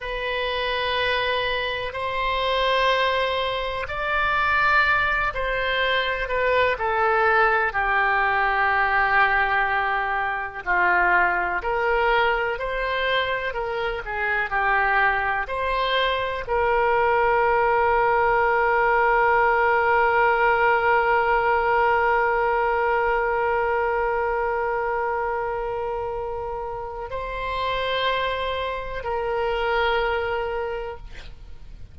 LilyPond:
\new Staff \with { instrumentName = "oboe" } { \time 4/4 \tempo 4 = 62 b'2 c''2 | d''4. c''4 b'8 a'4 | g'2. f'4 | ais'4 c''4 ais'8 gis'8 g'4 |
c''4 ais'2.~ | ais'1~ | ais'1 | c''2 ais'2 | }